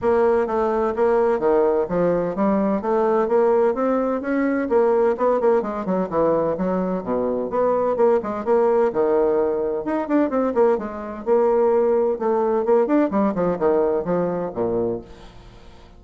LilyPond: \new Staff \with { instrumentName = "bassoon" } { \time 4/4 \tempo 4 = 128 ais4 a4 ais4 dis4 | f4 g4 a4 ais4 | c'4 cis'4 ais4 b8 ais8 | gis8 fis8 e4 fis4 b,4 |
b4 ais8 gis8 ais4 dis4~ | dis4 dis'8 d'8 c'8 ais8 gis4 | ais2 a4 ais8 d'8 | g8 f8 dis4 f4 ais,4 | }